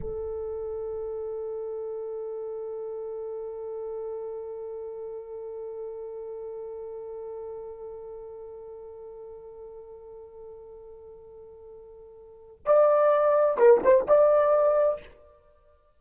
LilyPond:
\new Staff \with { instrumentName = "horn" } { \time 4/4 \tempo 4 = 128 a'1~ | a'1~ | a'1~ | a'1~ |
a'1~ | a'1~ | a'2. d''4~ | d''4 ais'8 c''8 d''2 | }